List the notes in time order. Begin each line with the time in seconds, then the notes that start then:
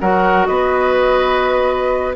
0.00 F#3 F#4 A#4 F#5
0.47 B3 B4 D#5